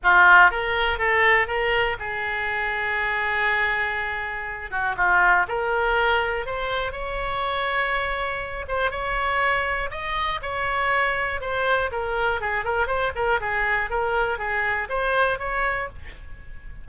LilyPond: \new Staff \with { instrumentName = "oboe" } { \time 4/4 \tempo 4 = 121 f'4 ais'4 a'4 ais'4 | gis'1~ | gis'4. fis'8 f'4 ais'4~ | ais'4 c''4 cis''2~ |
cis''4. c''8 cis''2 | dis''4 cis''2 c''4 | ais'4 gis'8 ais'8 c''8 ais'8 gis'4 | ais'4 gis'4 c''4 cis''4 | }